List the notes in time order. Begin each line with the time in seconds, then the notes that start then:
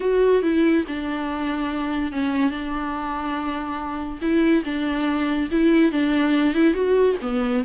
0.00 F#4
0.42 E4
0.87 D4
2.12 C#4
2.50 D4
4.21 E4
4.64 D4
5.51 E4
5.92 D4
6.54 E4
6.74 F#4
7.21 B3